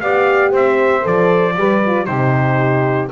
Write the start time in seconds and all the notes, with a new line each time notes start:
0.00 B3 G4 D5 F5
0.51 C4 C5 E5
1.01 F3 A4 D5
1.56 G3 G4 B4
1.86 F4
2.05 C3 D#4 G4 C5